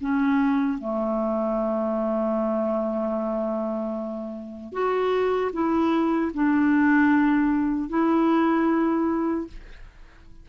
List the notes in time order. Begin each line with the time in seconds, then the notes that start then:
0.00 C#4
0.78 A3
4.72 F#4
5.52 E4
6.34 D4
7.89 E4